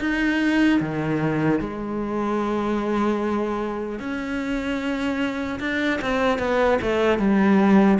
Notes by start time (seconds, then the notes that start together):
0.00 D#4
0.80 D#3
1.60 G#3
4.00 C#4
5.60 D4
6.01 C4
6.39 B3
6.82 A3
7.19 G3